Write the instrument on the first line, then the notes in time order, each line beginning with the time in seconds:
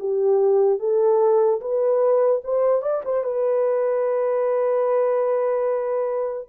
horn
0.00 G4
0.80 A4
1.61 B4
2.44 C5
2.82 D5
3.05 C5
3.24 B4